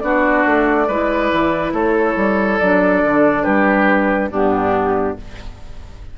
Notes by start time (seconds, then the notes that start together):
0.00 B3 D4 F#4 D5
0.46 A3
0.87 G#3 E4 B4
1.32 E3
1.73 A3 A4 C#5
2.16 G3
2.59 F#3 D4 D5
3.03 D3
3.43 G3 G4 B4
4.31 G2 B3 D4 G4